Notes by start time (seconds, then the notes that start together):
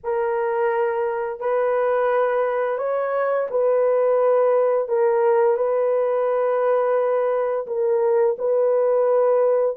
0.03 A#4
1.40 B4
2.77 C#5
3.50 B4
4.88 A#4
5.57 B4
7.66 A#4
8.38 B4